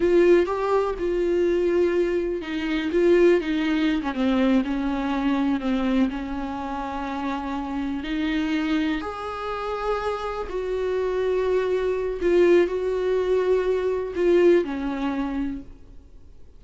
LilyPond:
\new Staff \with { instrumentName = "viola" } { \time 4/4 \tempo 4 = 123 f'4 g'4 f'2~ | f'4 dis'4 f'4 dis'4~ | dis'16 cis'16 c'4 cis'2 c'8~ | c'8 cis'2.~ cis'8~ |
cis'8 dis'2 gis'4.~ | gis'4. fis'2~ fis'8~ | fis'4 f'4 fis'2~ | fis'4 f'4 cis'2 | }